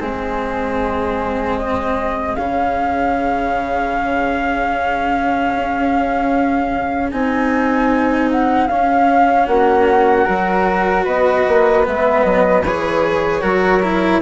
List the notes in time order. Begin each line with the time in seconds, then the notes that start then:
0.00 G#3 C4 G#4
1.59 D#5
2.36 C#3 C#4 F5
5.55 C#4
7.12 C4 D#4 G#5
8.32 F#5
8.68 C#4 F5
9.47 A#3 F#4 F#5
10.25 F#3 F#4 A#4
11.04 B3 B4 D#5
11.48 A#3
11.84 G#3 B3 E5
12.24 F#3 D#5
12.63 E3 G#4 C#5
13.42 F#3 F#4 A#4
13.83 E4